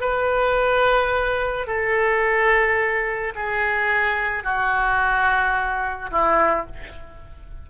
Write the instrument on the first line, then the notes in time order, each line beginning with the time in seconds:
oboe
0.00 B4
1.67 A4
3.35 G#4
4.43 F#4
6.11 E4